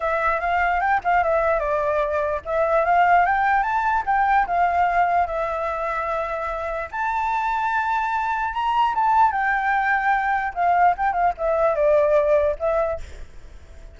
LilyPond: \new Staff \with { instrumentName = "flute" } { \time 4/4 \tempo 4 = 148 e''4 f''4 g''8 f''8 e''4 | d''2 e''4 f''4 | g''4 a''4 g''4 f''4~ | f''4 e''2.~ |
e''4 a''2.~ | a''4 ais''4 a''4 g''4~ | g''2 f''4 g''8 f''8 | e''4 d''2 e''4 | }